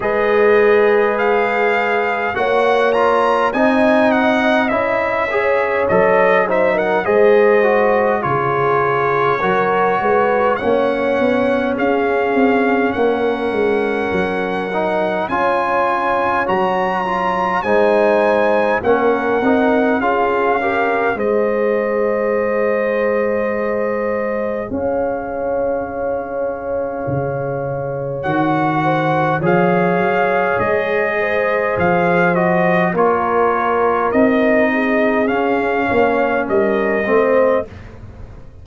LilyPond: <<
  \new Staff \with { instrumentName = "trumpet" } { \time 4/4 \tempo 4 = 51 dis''4 f''4 fis''8 ais''8 gis''8 fis''8 | e''4 dis''8 e''16 fis''16 dis''4 cis''4~ | cis''4 fis''4 f''4 fis''4~ | fis''4 gis''4 ais''4 gis''4 |
fis''4 f''4 dis''2~ | dis''4 f''2. | fis''4 f''4 dis''4 f''8 dis''8 | cis''4 dis''4 f''4 dis''4 | }
  \new Staff \with { instrumentName = "horn" } { \time 4/4 b'2 cis''4 dis''4~ | dis''8 cis''4 c''16 ais'16 c''4 gis'4 | ais'8 b'8 cis''4 gis'4 ais'4~ | ais'4 cis''2 c''4 |
ais'4 gis'8 ais'8 c''2~ | c''4 cis''2.~ | cis''8 c''8 cis''4. c''4. | ais'4. gis'4 cis''8 ais'8 c''8 | }
  \new Staff \with { instrumentName = "trombone" } { \time 4/4 gis'2 fis'8 f'8 dis'4 | e'8 gis'8 a'8 dis'8 gis'8 fis'8 f'4 | fis'4 cis'2.~ | cis'8 dis'8 f'4 fis'8 f'8 dis'4 |
cis'8 dis'8 f'8 g'8 gis'2~ | gis'1 | fis'4 gis'2~ gis'8 fis'8 | f'4 dis'4 cis'4. c'8 | }
  \new Staff \with { instrumentName = "tuba" } { \time 4/4 gis2 ais4 c'4 | cis'4 fis4 gis4 cis4 | fis8 gis8 ais8 b8 cis'8 c'8 ais8 gis8 | fis4 cis'4 fis4 gis4 |
ais8 c'8 cis'4 gis2~ | gis4 cis'2 cis4 | dis4 f8 fis8 gis4 f4 | ais4 c'4 cis'8 ais8 g8 a8 | }
>>